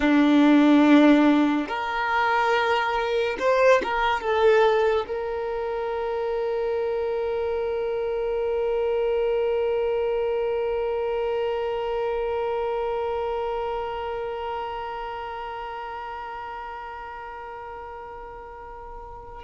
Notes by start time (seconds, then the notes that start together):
0.00 D4
1.68 A#4
3.39 C5
3.83 A#4
4.20 A4
5.07 A#4